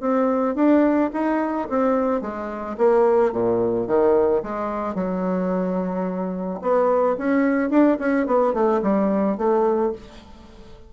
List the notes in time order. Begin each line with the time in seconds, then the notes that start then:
0.00 C4
0.55 D4
1.13 D#4
1.69 C4
2.21 G#3
2.77 A#3
3.32 A#2
3.87 D#3
4.42 G#3
4.95 F#3
6.61 B3
7.18 C#4
7.70 D4
7.99 C#4
8.26 B3
8.53 A3
8.82 G3
9.37 A3